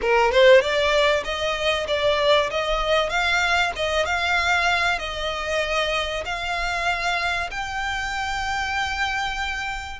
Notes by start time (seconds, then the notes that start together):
0.01 A#4
0.31 C5
0.61 D5
1.24 D#5
1.87 D5
2.50 D#5
3.09 F5
3.76 D#5
4.05 F5
4.98 D#5
6.25 F5
7.51 G5